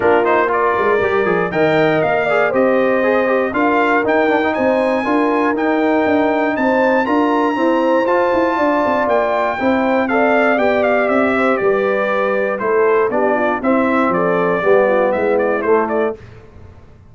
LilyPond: <<
  \new Staff \with { instrumentName = "trumpet" } { \time 4/4 \tempo 4 = 119 ais'8 c''8 d''2 g''4 | f''4 dis''2 f''4 | g''4 gis''2 g''4~ | g''4 a''4 ais''2 |
a''2 g''2 | f''4 g''8 f''8 e''4 d''4~ | d''4 c''4 d''4 e''4 | d''2 e''8 d''8 c''8 d''8 | }
  \new Staff \with { instrumentName = "horn" } { \time 4/4 f'4 ais'2 dis''4~ | dis''8 d''8 c''2 ais'4~ | ais'4 c''4 ais'2~ | ais'4 c''4 ais'4 c''4~ |
c''4 d''2 c''4 | d''2~ d''8 c''8 b'4~ | b'4 a'4 g'8 f'8 e'4 | a'4 g'8 f'8 e'2 | }
  \new Staff \with { instrumentName = "trombone" } { \time 4/4 d'8 dis'8 f'4 g'8 gis'8 ais'4~ | ais'8 gis'8 g'4 gis'8 g'8 f'4 | dis'8 d'16 dis'4~ dis'16 f'4 dis'4~ | dis'2 f'4 c'4 |
f'2. e'4 | a'4 g'2.~ | g'4 e'4 d'4 c'4~ | c'4 b2 a4 | }
  \new Staff \with { instrumentName = "tuba" } { \time 4/4 ais4. gis8 g8 f8 dis4 | ais4 c'2 d'4 | dis'4 c'4 d'4 dis'4 | d'4 c'4 d'4 e'4 |
f'8 e'8 d'8 c'8 ais4 c'4~ | c'4 b4 c'4 g4~ | g4 a4 b4 c'4 | f4 g4 gis4 a4 | }
>>